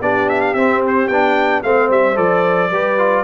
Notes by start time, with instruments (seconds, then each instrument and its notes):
0.00 tuba B3, trombone D4, horn G4, trumpet D5
0.28 trumpet E5
0.41 trumpet F5
0.54 tuba C4, trombone C4, trumpet E5
0.87 trumpet C5
1.07 tuba B3, trombone D4, trumpet G5
1.62 tuba A3, trombone C4, horn C5, trumpet F5
1.90 tuba G3, trumpet E5
2.15 tuba F3, trombone A4, trumpet D5
2.70 tuba G3, trombone G4, horn B4
2.98 trombone F4